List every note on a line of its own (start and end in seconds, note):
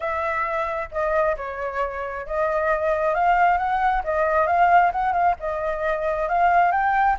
0.00 0.89 E5
0.91 1.36 D#5
1.37 2.26 C#5
2.26 3.14 D#5
3.14 3.57 F5
3.57 4.02 F#5
4.04 4.46 D#5
4.46 4.91 F5
4.92 5.12 F#5
5.12 5.35 F5
5.39 6.28 D#5
6.28 6.71 F5
6.71 7.16 G5